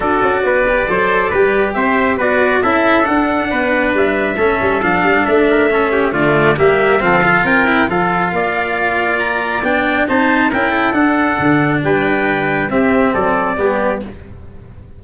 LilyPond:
<<
  \new Staff \with { instrumentName = "trumpet" } { \time 4/4 \tempo 4 = 137 d''1 | e''4 d''4 e''4 fis''4~ | fis''4 e''2 f''4 | e''2 d''4 e''4 |
f''4 g''4 f''2~ | f''4 ais''4 g''4 a''4 | g''4 fis''2 g''4~ | g''4 e''4 d''2 | }
  \new Staff \with { instrumentName = "trumpet" } { \time 4/4 a'4 b'4 c''4 b'4 | c''4 b'4 a'2 | b'2 a'2~ | a'8 ais'8 a'8 g'8 f'4 g'4 |
a'4 ais'4 a'4 d''4~ | d''2. c''4 | ais'8 a'2~ a'8 b'4~ | b'4 g'4 a'4 g'4 | }
  \new Staff \with { instrumentName = "cello" } { \time 4/4 fis'4. g'8 a'4 g'4~ | g'4 fis'4 e'4 d'4~ | d'2 cis'4 d'4~ | d'4 cis'4 a4 ais4 |
c'8 f'4 e'8 f'2~ | f'2 d'4 dis'4 | e'4 d'2.~ | d'4 c'2 b4 | }
  \new Staff \with { instrumentName = "tuba" } { \time 4/4 d'8 cis'8 b4 fis4 g4 | c'4 b4 cis'4 d'4 | b4 g4 a8 g8 f8 g8 | a2 d4 g4 |
f4 c'4 f4 ais4~ | ais2 b4 c'4 | cis'4 d'4 d4 g4~ | g4 c'4 fis4 g4 | }
>>